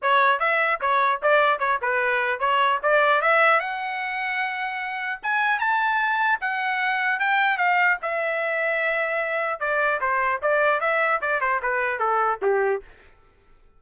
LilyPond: \new Staff \with { instrumentName = "trumpet" } { \time 4/4 \tempo 4 = 150 cis''4 e''4 cis''4 d''4 | cis''8 b'4. cis''4 d''4 | e''4 fis''2.~ | fis''4 gis''4 a''2 |
fis''2 g''4 f''4 | e''1 | d''4 c''4 d''4 e''4 | d''8 c''8 b'4 a'4 g'4 | }